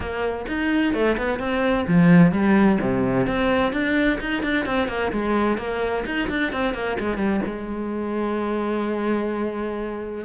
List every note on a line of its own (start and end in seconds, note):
0.00 0.46 A#3
0.48 0.93 D#4
0.93 1.16 A3
1.17 1.39 B3
1.39 1.85 C4
1.87 2.32 F3
2.32 2.78 G3
2.80 3.26 C3
3.26 3.72 C4
3.72 4.19 D4
4.20 4.42 D#4
4.42 4.65 D4
4.65 4.88 C4
4.88 5.11 A#3
5.12 5.57 G#3
5.57 6.04 A#3
6.05 6.28 D#4
6.29 6.52 D4
6.52 6.74 C4
6.74 6.97 A#3
6.99 7.17 G#3
7.17 7.40 G3
7.45 10.24 G#3